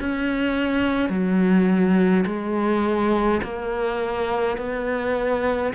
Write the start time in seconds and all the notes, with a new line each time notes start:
0.00 C#4
1.10 F#3
2.26 G#3
3.43 A#3
4.58 B3